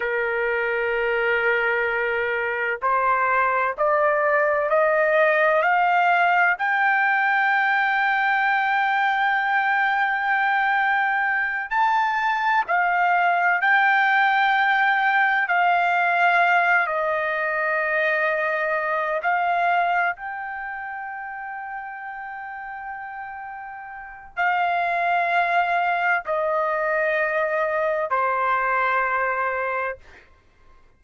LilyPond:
\new Staff \with { instrumentName = "trumpet" } { \time 4/4 \tempo 4 = 64 ais'2. c''4 | d''4 dis''4 f''4 g''4~ | g''1~ | g''8 a''4 f''4 g''4.~ |
g''8 f''4. dis''2~ | dis''8 f''4 g''2~ g''8~ | g''2 f''2 | dis''2 c''2 | }